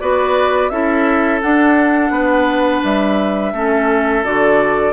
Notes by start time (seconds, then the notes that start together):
0.00 B3 F#4 B4 D5
0.70 C#4 E4 A4 E5
1.42 D4 F#5
2.11 B3 B4
2.84 G3 E5
3.53 A3 C#4 A4
4.24 D3 F#4 D5